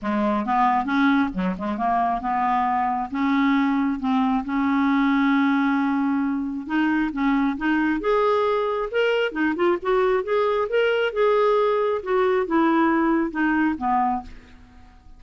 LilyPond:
\new Staff \with { instrumentName = "clarinet" } { \time 4/4 \tempo 4 = 135 gis4 b4 cis'4 fis8 gis8 | ais4 b2 cis'4~ | cis'4 c'4 cis'2~ | cis'2. dis'4 |
cis'4 dis'4 gis'2 | ais'4 dis'8 f'8 fis'4 gis'4 | ais'4 gis'2 fis'4 | e'2 dis'4 b4 | }